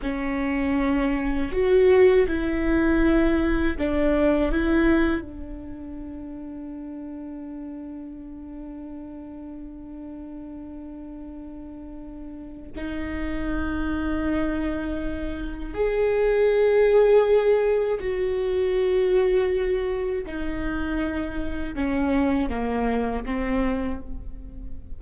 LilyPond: \new Staff \with { instrumentName = "viola" } { \time 4/4 \tempo 4 = 80 cis'2 fis'4 e'4~ | e'4 d'4 e'4 d'4~ | d'1~ | d'1~ |
d'4 dis'2.~ | dis'4 gis'2. | fis'2. dis'4~ | dis'4 cis'4 ais4 c'4 | }